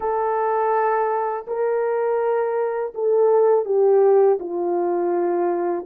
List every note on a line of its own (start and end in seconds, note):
0.00 1.46 A4
1.47 2.93 A#4
2.94 3.65 A4
3.65 4.38 G4
4.39 5.86 F4